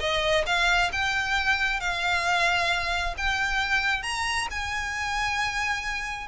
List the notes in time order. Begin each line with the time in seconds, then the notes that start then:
0.00 D#5
0.46 F5
0.92 G5
1.81 F5
3.18 G5
4.03 A#5
4.51 G#5